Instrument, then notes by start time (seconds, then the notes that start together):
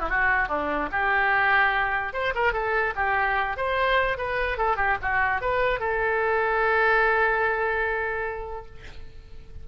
oboe
0.00 E4
0.10 F#4
0.49 D4
0.92 G4
2.13 C5
2.35 A#4
2.53 A4
2.96 G4
3.57 C5
4.18 B4
4.58 A4
4.77 G4
5.02 F#4
5.41 B4
5.80 A4